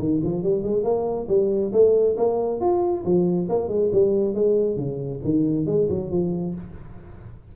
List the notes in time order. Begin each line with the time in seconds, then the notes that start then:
0.00 D#3
0.24 F3
0.44 G3
0.64 G#3
0.84 A#3
1.29 G3
1.73 A3
2.17 A#3
2.61 F4
3.05 F3
3.50 A#3
3.69 G#3
3.93 G3
4.35 G#3
4.77 C#3
5.25 D#3
5.67 G#3
5.90 F#3
6.11 F3